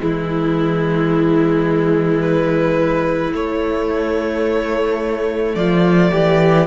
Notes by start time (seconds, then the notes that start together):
0.00 E3 G#3 E4
2.22 B4
3.33 A3 C#5
5.56 F3 F4 D5
6.12 E3 G4